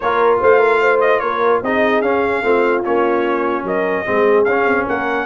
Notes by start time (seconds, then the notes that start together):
0.00 A#3 F4 A#4 C#5
0.40 A3 C5 F5
0.59 A#4
0.81 C5
1.00 D#5
1.19 A#3 A#4 C#5
1.62 C4 D#4 G#4 D#5
2.01 C#4 F5
2.42 A3 C4 F4
2.84 A#3 C#4 C#5
3.63 F#3 A#4 D#5
4.05 G#3 C4 G#4
4.44 C#4 F5
4.66 C4
4.85 A#3 A#4 F#5